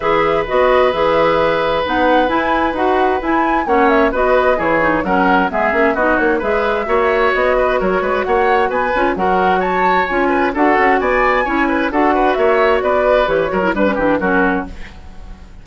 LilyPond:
<<
  \new Staff \with { instrumentName = "flute" } { \time 4/4 \tempo 4 = 131 e''4 dis''4 e''2 | fis''4 gis''4 fis''4 gis''4 | fis''8 e''8 dis''4 cis''4 fis''4 | e''4 dis''8 cis''8 e''2 |
dis''4 cis''4 fis''4 gis''4 | fis''4 a''4 gis''4 fis''4 | gis''2 fis''4 e''4 | d''4 cis''4 b'4 ais'4 | }
  \new Staff \with { instrumentName = "oboe" } { \time 4/4 b'1~ | b'1 | cis''4 b'4 gis'4 ais'4 | gis'4 fis'4 b'4 cis''4~ |
cis''8 b'8 ais'8 b'8 cis''4 b'4 | ais'4 cis''4. b'8 a'4 | d''4 cis''8 b'8 a'8 b'8 cis''4 | b'4. ais'8 b'8 g'8 fis'4 | }
  \new Staff \with { instrumentName = "clarinet" } { \time 4/4 gis'4 fis'4 gis'2 | dis'4 e'4 fis'4 e'4 | cis'4 fis'4 e'8 dis'8 cis'4 | b8 cis'8 dis'4 gis'4 fis'4~ |
fis'2.~ fis'8 f'8 | fis'2 f'4 fis'4~ | fis'4 e'4 fis'2~ | fis'4 g'8 fis'16 e'16 d'16 cis'16 d'8 cis'4 | }
  \new Staff \with { instrumentName = "bassoon" } { \time 4/4 e4 b4 e2 | b4 e'4 dis'4 e'4 | ais4 b4 e4 fis4 | gis8 ais8 b8 ais8 gis4 ais4 |
b4 fis8 gis8 ais4 b8 cis'8 | fis2 cis'4 d'8 cis'8 | b4 cis'4 d'4 ais4 | b4 e8 fis8 g8 e8 fis4 | }
>>